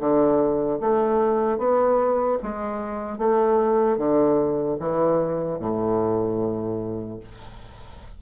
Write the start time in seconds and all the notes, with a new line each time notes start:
0.00 D3
0.81 A3
1.59 B3
2.43 G#3
3.18 A3
3.98 D3
4.80 E3
5.60 A2